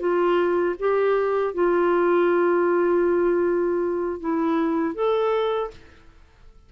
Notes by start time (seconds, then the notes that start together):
0.00 F4
0.79 G4
1.54 F4
4.20 E4
4.95 A4